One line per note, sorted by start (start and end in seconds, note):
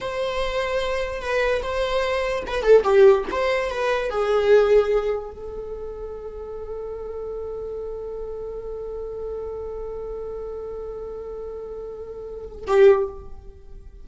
0.00 1.21 C5
1.21 1.61 B4
1.62 2.43 C5
2.47 2.63 B4
2.63 2.83 A4
2.83 3.24 G4
3.31 3.70 C5
3.70 4.09 B4
4.09 5.31 G#4
5.31 12.65 A4
12.67 13.07 G4